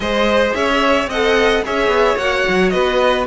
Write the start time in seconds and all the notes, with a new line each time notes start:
0.00 G#3 G#4 C5 D#5
0.53 C#4 C#5 E5
1.06 C4 D#5 F#5
1.13 A4
1.64 C#4 G#4 C#5 E5
1.87 B3
2.16 A#3 F#4 F#5
2.48 F#3
2.69 B3 B4 D#5